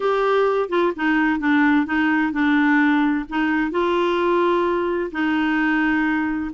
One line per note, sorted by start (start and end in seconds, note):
0.00 0.69 G4
0.69 0.92 F4
0.95 1.39 D#4
1.39 1.86 D4
1.86 2.32 D#4
2.32 3.25 D4
3.29 3.71 D#4
3.71 5.10 F4
5.11 6.51 D#4